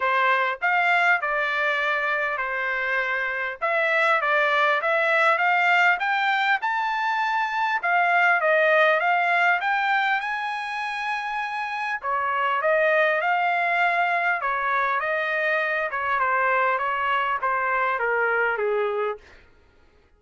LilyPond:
\new Staff \with { instrumentName = "trumpet" } { \time 4/4 \tempo 4 = 100 c''4 f''4 d''2 | c''2 e''4 d''4 | e''4 f''4 g''4 a''4~ | a''4 f''4 dis''4 f''4 |
g''4 gis''2. | cis''4 dis''4 f''2 | cis''4 dis''4. cis''8 c''4 | cis''4 c''4 ais'4 gis'4 | }